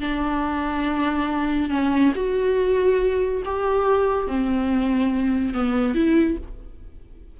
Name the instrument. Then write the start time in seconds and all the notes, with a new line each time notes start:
viola
0.00 D4
1.70 C#4
2.15 F#4
3.45 G4
4.27 C4
5.54 B3
5.94 E4